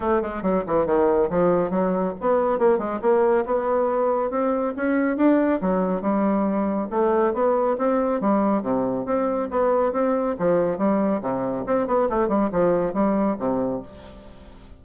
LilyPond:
\new Staff \with { instrumentName = "bassoon" } { \time 4/4 \tempo 4 = 139 a8 gis8 fis8 e8 dis4 f4 | fis4 b4 ais8 gis8 ais4 | b2 c'4 cis'4 | d'4 fis4 g2 |
a4 b4 c'4 g4 | c4 c'4 b4 c'4 | f4 g4 c4 c'8 b8 | a8 g8 f4 g4 c4 | }